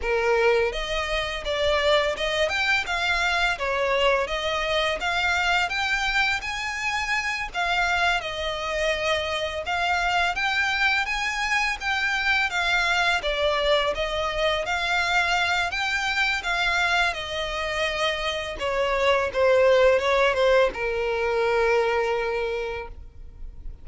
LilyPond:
\new Staff \with { instrumentName = "violin" } { \time 4/4 \tempo 4 = 84 ais'4 dis''4 d''4 dis''8 g''8 | f''4 cis''4 dis''4 f''4 | g''4 gis''4. f''4 dis''8~ | dis''4. f''4 g''4 gis''8~ |
gis''8 g''4 f''4 d''4 dis''8~ | dis''8 f''4. g''4 f''4 | dis''2 cis''4 c''4 | cis''8 c''8 ais'2. | }